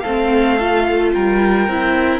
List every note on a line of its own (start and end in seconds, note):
0.00 1.15 A3
0.00 1.12 A4
0.00 1.09 F5
0.06 0.60 C4
0.60 1.69 F4
1.14 1.68 G3
1.14 2.20 A#4
1.14 2.20 G5
1.68 2.20 C4
1.68 2.20 E4